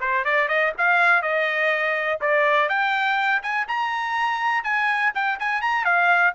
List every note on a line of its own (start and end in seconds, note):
0.00 0.24 C5
0.24 0.48 D5
0.48 0.73 D#5
0.78 1.22 F5
1.22 2.20 D#5
2.21 2.69 D5
2.69 3.42 G5
3.42 3.67 G#5
3.67 4.64 A#5
4.64 5.12 G#5
5.14 5.39 G5
5.39 5.61 G#5
5.61 5.84 A#5
5.84 6.33 F5